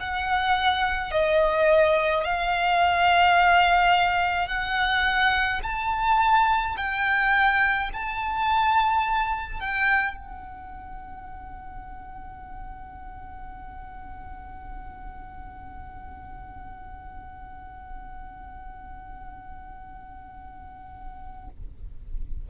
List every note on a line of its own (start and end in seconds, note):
0.00 1.12 F#5
1.12 2.24 D#5
2.24 4.48 F5
4.48 5.61 F#5
5.63 6.76 A5
6.77 7.90 G5
7.94 9.61 A5
9.61 10.17 G5
10.17 21.49 F#5